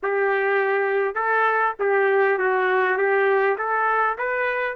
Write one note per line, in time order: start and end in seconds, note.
0.02 1.14 G4
1.14 1.74 A4
1.79 2.38 G4
2.38 2.97 F#4
2.97 3.56 G4
3.58 4.17 A4
4.17 4.76 B4